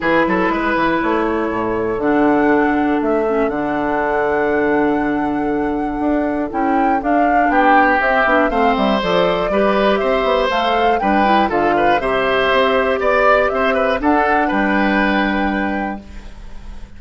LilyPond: <<
  \new Staff \with { instrumentName = "flute" } { \time 4/4 \tempo 4 = 120 b'2 cis''2 | fis''2 e''4 fis''4~ | fis''1~ | fis''4 g''4 f''4 g''4 |
e''4 f''8 e''8 d''2 | e''4 f''4 g''4 f''4 | e''2 d''4 e''4 | fis''4 g''2. | }
  \new Staff \with { instrumentName = "oboe" } { \time 4/4 gis'8 a'8 b'4. a'4.~ | a'1~ | a'1~ | a'2. g'4~ |
g'4 c''2 b'4 | c''2 b'4 a'8 b'8 | c''2 d''4 c''8 b'8 | a'4 b'2. | }
  \new Staff \with { instrumentName = "clarinet" } { \time 4/4 e'1 | d'2~ d'8 cis'8 d'4~ | d'1~ | d'4 e'4 d'2 |
c'8 d'8 c'4 a'4 g'4~ | g'4 a'4 d'8 e'8 f'4 | g'1 | d'1 | }
  \new Staff \with { instrumentName = "bassoon" } { \time 4/4 e8 fis8 gis8 e8 a4 a,4 | d2 a4 d4~ | d1 | d'4 cis'4 d'4 b4 |
c'8 b8 a8 g8 f4 g4 | c'8 b8 a4 g4 d4 | c4 c'4 b4 c'4 | d'4 g2. | }
>>